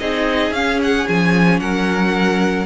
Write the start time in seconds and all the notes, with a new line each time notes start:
0.00 C4 D#4 G#4 D#5
0.52 C#4 F5
0.83 F#5
1.09 F3 G#5
1.60 F#3 A#4 F#5